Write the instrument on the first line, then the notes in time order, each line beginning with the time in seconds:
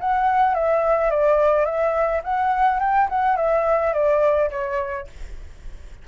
flute
0.00 F#5
0.54 E5
1.10 D5
1.65 E5
2.24 F#5
2.80 G5
3.09 F#5
3.36 E5
3.93 D5
4.51 C#5